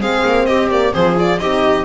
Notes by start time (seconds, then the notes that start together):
0.00 G#3 C4 G#4 F5
0.25 A#3
0.46 C4 G4 D#5
0.71 A#3 D5
0.92 F3 C4 G#4 C5
1.15 F4 D5
1.39 C4 D#4 G4 D#5